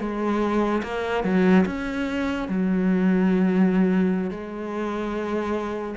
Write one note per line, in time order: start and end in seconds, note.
0.00 0.82 G#3
0.83 1.24 A#3
1.24 1.65 F#3
1.66 2.48 C#4
2.48 4.31 F#3
4.31 5.95 G#3